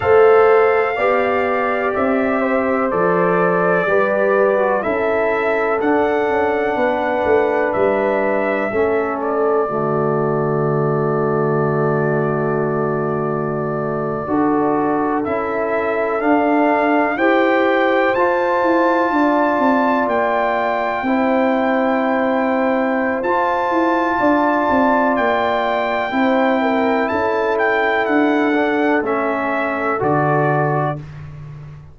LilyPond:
<<
  \new Staff \with { instrumentName = "trumpet" } { \time 4/4 \tempo 4 = 62 f''2 e''4 d''4~ | d''4 e''4 fis''2 | e''4. d''2~ d''8~ | d''2.~ d''8. e''16~ |
e''8. f''4 g''4 a''4~ a''16~ | a''8. g''2.~ g''16 | a''2 g''2 | a''8 g''8 fis''4 e''4 d''4 | }
  \new Staff \with { instrumentName = "horn" } { \time 4/4 c''4 d''4. c''4. | b'4 a'2 b'4~ | b'4 a'4 fis'2~ | fis'2~ fis'8. a'4~ a'16~ |
a'4.~ a'16 c''2 d''16~ | d''4.~ d''16 c''2~ c''16~ | c''4 d''2 c''8 ais'8 | a'1 | }
  \new Staff \with { instrumentName = "trombone" } { \time 4/4 a'4 g'2 a'4 | g'8. fis'16 e'4 d'2~ | d'4 cis'4 a2~ | a2~ a8. fis'4 e'16~ |
e'8. d'4 g'4 f'4~ f'16~ | f'4.~ f'16 e'2~ e'16 | f'2. e'4~ | e'4. d'8 cis'4 fis'4 | }
  \new Staff \with { instrumentName = "tuba" } { \time 4/4 a4 b4 c'4 f4 | g4 cis'4 d'8 cis'8 b8 a8 | g4 a4 d2~ | d2~ d8. d'4 cis'16~ |
cis'8. d'4 e'4 f'8 e'8 d'16~ | d'16 c'8 ais4 c'2~ c'16 | f'8 e'8 d'8 c'8 ais4 c'4 | cis'4 d'4 a4 d4 | }
>>